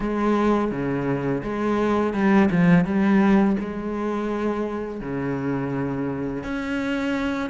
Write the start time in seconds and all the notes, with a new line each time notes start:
0.00 G#3
0.71 C#3
1.43 G#3
2.13 G3
2.50 F3
2.84 G3
3.59 G#3
5.00 C#3
6.43 C#4